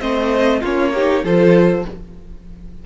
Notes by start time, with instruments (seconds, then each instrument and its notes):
0.00 cello A3, viola C4, violin C5 D#5
0.61 cello A#3, viola C#4, violin F4 C#5
0.94 viola D#4, violin G4
1.23 cello F3, viola F4, violin A4 C5